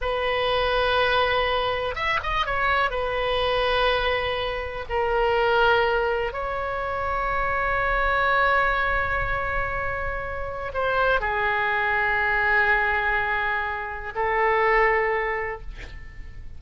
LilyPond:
\new Staff \with { instrumentName = "oboe" } { \time 4/4 \tempo 4 = 123 b'1 | e''8 dis''8 cis''4 b'2~ | b'2 ais'2~ | ais'4 cis''2.~ |
cis''1~ | cis''2 c''4 gis'4~ | gis'1~ | gis'4 a'2. | }